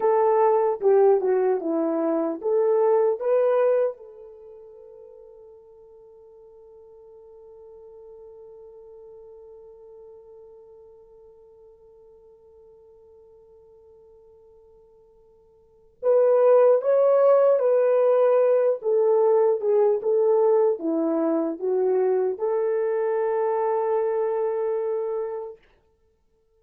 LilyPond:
\new Staff \with { instrumentName = "horn" } { \time 4/4 \tempo 4 = 75 a'4 g'8 fis'8 e'4 a'4 | b'4 a'2.~ | a'1~ | a'1~ |
a'1 | b'4 cis''4 b'4. a'8~ | a'8 gis'8 a'4 e'4 fis'4 | a'1 | }